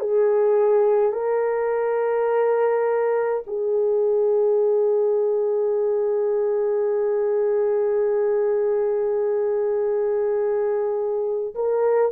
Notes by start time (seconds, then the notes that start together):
0.00 G#4
1.12 A#4
3.47 G#4
11.55 A#4